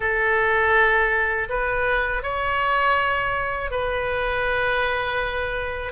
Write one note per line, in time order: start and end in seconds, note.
0.00 1.48 A4
1.49 2.23 B4
2.23 3.70 C#5
3.70 5.92 B4